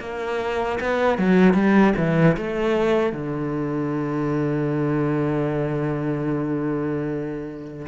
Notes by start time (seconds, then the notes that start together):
0.00 A#3
0.80 B3
1.18 F#3
1.54 G3
1.97 E3
2.37 A3
3.13 D3